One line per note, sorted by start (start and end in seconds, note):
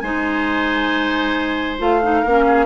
0.00 1.80 G#3
0.00 1.79 D#4
0.00 2.22 C5
0.00 1.78 G#5
1.79 2.24 A3
1.79 2.01 F4
1.79 2.66 F5
2.03 2.25 D#4
2.22 2.66 A#3
2.22 2.44 A#4
2.28 2.66 C#4
2.47 2.66 G#4